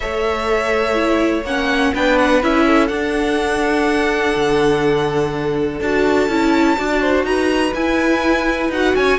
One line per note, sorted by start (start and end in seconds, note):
0.00 1.44 A3
0.00 0.94 A4
0.00 1.93 C#5
0.00 1.43 E5
0.94 1.43 E4
1.44 1.93 A#3
1.44 1.94 C#4
1.44 1.94 F#5
1.93 2.42 B3
1.93 2.43 D4
1.93 2.65 B4
1.93 2.18 G5
2.18 2.42 F#5
2.42 2.89 C#4
2.42 2.89 E4
2.42 2.87 E5
2.66 6.77 A4
2.87 5.79 D4
2.87 4.34 D4
2.87 5.78 F#5
4.35 5.80 D3
5.80 6.28 D4
5.80 6.29 F#4
5.80 7.24 A5
6.28 6.76 C#4
6.28 6.76 E4
6.76 7.24 D4
6.76 7.73 F#4
6.76 7.01 D5
7.01 7.25 C5
7.24 7.72 D#4
7.24 8.96 B4
7.24 7.73 A#5
7.74 8.69 E4
7.74 8.73 E4
7.74 8.71 G#5
8.69 8.93 D#4
8.69 9.18 F#4
8.69 8.95 F#5
8.95 9.18 C#4
8.95 9.18 C#5
8.95 9.18 G#5